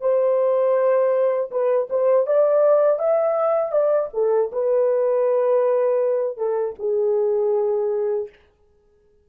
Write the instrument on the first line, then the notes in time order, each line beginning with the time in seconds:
horn
0.00 C5
1.50 B4
1.89 C5
2.26 D5
2.98 E5
3.71 D5
4.13 A4
4.52 B4
6.37 A4
6.79 G#4